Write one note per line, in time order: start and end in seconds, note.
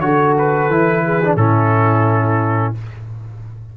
0.00 0.69 D3
0.00 0.71 F#4
0.00 1.05 A4
0.00 0.34 C#5
0.38 1.36 B4
0.69 1.36 E3
0.69 1.22 E4
1.05 1.39 G#4
1.23 1.37 D4
1.36 2.74 A2
1.36 2.75 C#4
1.36 2.77 E4
1.36 2.74 A4